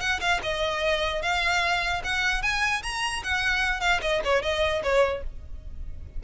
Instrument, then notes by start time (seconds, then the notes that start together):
violin
0.00 F#5
0.21 F5
0.43 D#5
1.22 F5
2.04 F#5
2.43 G#5
2.83 A#5
3.24 F#5
3.81 F5
4.02 D#5
4.25 C#5
4.43 D#5
4.83 C#5